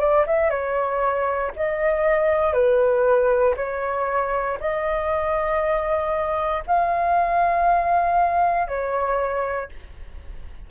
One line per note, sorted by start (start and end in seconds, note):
0.00 0.25 D5
0.27 0.50 E5
0.50 1.52 C#5
1.56 2.53 D#5
2.53 3.55 B4
3.57 4.59 C#5
4.60 6.64 D#5
6.67 8.68 F5
8.68 9.69 C#5